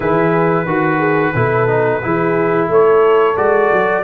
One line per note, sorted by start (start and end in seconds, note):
0.00 0.65 E3
0.00 0.66 E4
0.00 0.67 G#4
0.00 2.68 B4
0.65 1.33 D#3
0.65 1.34 F#4
0.65 0.98 F#4
0.98 1.32 G#4
1.34 2.01 B2
1.34 1.67 E4
1.34 2.03 A4
1.67 2.01 D#4
2.02 2.68 E3
2.02 3.36 E4
2.02 2.70 G#4
2.68 3.35 A3
2.68 4.04 A4
2.68 3.37 C#5
3.36 3.70 G#3
3.36 4.03 F#4
3.36 4.04 D5
3.72 4.04 F#3